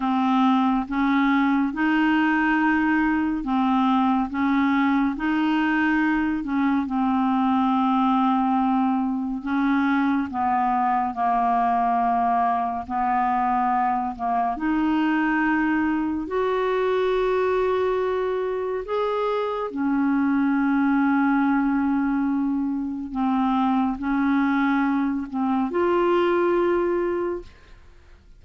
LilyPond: \new Staff \with { instrumentName = "clarinet" } { \time 4/4 \tempo 4 = 70 c'4 cis'4 dis'2 | c'4 cis'4 dis'4. cis'8 | c'2. cis'4 | b4 ais2 b4~ |
b8 ais8 dis'2 fis'4~ | fis'2 gis'4 cis'4~ | cis'2. c'4 | cis'4. c'8 f'2 | }